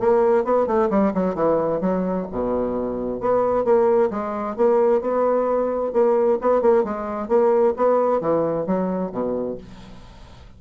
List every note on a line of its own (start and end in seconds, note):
0.00 0.45 A#3
0.45 0.67 B3
0.67 0.90 A3
0.90 1.13 G3
1.15 1.36 F#3
1.36 1.81 E3
1.81 2.27 F#3
2.32 3.21 B2
3.21 3.65 B3
3.65 4.11 A#3
4.11 4.57 G#3
4.57 5.02 A#3
5.02 5.94 B3
5.94 6.39 A#3
6.42 6.62 B3
6.62 6.85 A#3
6.85 7.29 G#3
7.29 7.75 A#3
7.77 8.21 B3
8.21 8.67 E3
8.67 9.12 F#3
9.12 9.58 B2